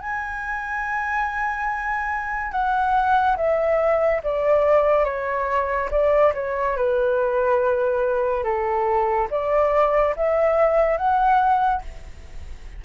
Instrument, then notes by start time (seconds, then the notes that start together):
flute
0.00 G#5
2.52 F#5
3.36 E5
4.23 D5
5.05 C#5
5.91 D5
6.34 C#5
6.76 B4
8.44 A4
9.30 D5
10.16 E5
10.97 F#5